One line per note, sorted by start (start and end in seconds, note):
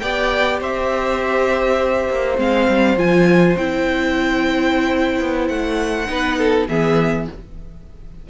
0.00 0.61 B3
0.00 2.37 G4
0.00 0.60 D5
0.00 0.59 G5
0.60 2.09 C4
0.60 6.10 C5
0.60 2.39 E5
2.09 2.38 A#3
2.37 2.68 G#3
2.37 2.96 C4
2.37 2.98 F5
2.68 2.97 G3
2.97 3.56 F3
2.97 3.57 F4
2.97 3.57 G#5
3.57 5.20 C4
3.57 6.07 E4
3.57 5.48 G5
5.20 5.49 B3
5.48 6.09 A3
5.48 6.67 F#5
6.07 6.69 B3
6.07 6.67 D#4
6.07 6.38 B4
6.38 6.68 A4
6.69 7.28 E3
6.69 7.29 B3
6.69 7.28 G#4
6.69 7.28 E5